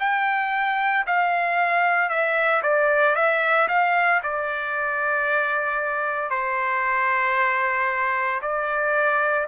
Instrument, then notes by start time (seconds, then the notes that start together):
trumpet
0.00 G5
1.07 F5
2.10 E5
2.63 D5
3.16 E5
3.69 F5
4.23 D5
6.31 C5
8.42 D5